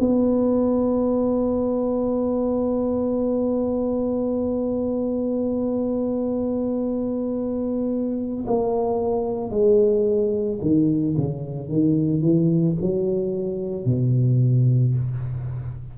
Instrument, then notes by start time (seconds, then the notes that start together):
tuba
0.00 B3
8.47 A#3
9.51 G#3
10.62 D#3
11.18 C#3
11.69 D#3
12.21 E3
12.81 F#3
13.85 B2